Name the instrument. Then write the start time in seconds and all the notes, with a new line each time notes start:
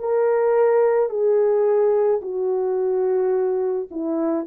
horn
0.00 A#4
1.10 G#4
2.22 F#4
3.91 E4